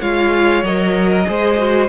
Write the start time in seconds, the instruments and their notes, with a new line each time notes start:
0.00 cello G#3, viola F4, violin C#5 F5
0.63 cello F#3, viola A#4, violin D#5
1.11 violin A#4
1.25 cello G#3, viola G#4, violin C5
1.57 viola F#4